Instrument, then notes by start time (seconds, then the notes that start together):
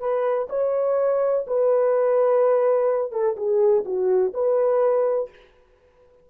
horn
0.00 B4
0.50 C#5
1.47 B4
3.12 A4
3.37 G#4
3.85 F#4
4.34 B4